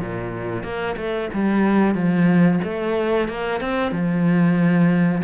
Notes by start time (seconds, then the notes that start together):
0.00 A#2
0.63 A#3
0.97 A3
1.33 G3
1.94 F3
2.64 A3
3.28 A#3
3.60 C4
3.91 F3